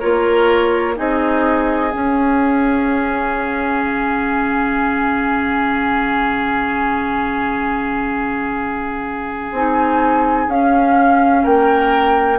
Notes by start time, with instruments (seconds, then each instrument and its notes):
0.00 bassoon A#3, clarinet F4, oboe A#4, flute C#5
0.95 bassoon C4, clarinet D#4, oboe G#4, flute D#5
1.91 clarinet C#4, bassoon C#4, flute F5
3.83 bassoon C#3
9.52 bassoon C4, clarinet D#4, flute G#5
10.48 bassoon C#4, clarinet C#4, flute F5
11.43 bassoon A#3, oboe A#4, flute G5